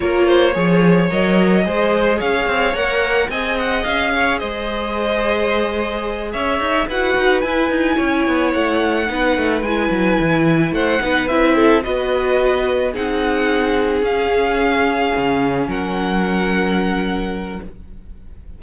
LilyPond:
<<
  \new Staff \with { instrumentName = "violin" } { \time 4/4 \tempo 4 = 109 cis''2 dis''2 | f''4 fis''4 gis''8 fis''8 f''4 | dis''2.~ dis''8 e''8~ | e''8 fis''4 gis''2 fis''8~ |
fis''4. gis''2 fis''8~ | fis''8 e''4 dis''2 fis''8~ | fis''4. f''2~ f''8~ | f''8 fis''2.~ fis''8 | }
  \new Staff \with { instrumentName = "violin" } { \time 4/4 ais'8 c''8 cis''2 c''4 | cis''2 dis''4. cis''8 | c''2.~ c''8 cis''8~ | cis''8 b'2 cis''4.~ |
cis''8 b'2. c''8 | b'4 a'8 b'2 gis'8~ | gis'1~ | gis'8 ais'2.~ ais'8 | }
  \new Staff \with { instrumentName = "viola" } { \time 4/4 f'4 gis'4 ais'4 gis'4~ | gis'4 ais'4 gis'2~ | gis'1~ | gis'8 fis'4 e'2~ e'8~ |
e'8 dis'4 e'2~ e'8 | dis'8 e'4 fis'2 dis'8~ | dis'4. cis'2~ cis'8~ | cis'1 | }
  \new Staff \with { instrumentName = "cello" } { \time 4/4 ais4 f4 fis4 gis4 | cis'8 c'8 ais4 c'4 cis'4 | gis2.~ gis8 cis'8 | dis'8 e'8 dis'8 e'8 dis'8 cis'8 b8 a8~ |
a8 b8 a8 gis8 fis8 e4 a8 | b8 c'4 b2 c'8~ | c'4. cis'2 cis8~ | cis8 fis2.~ fis8 | }
>>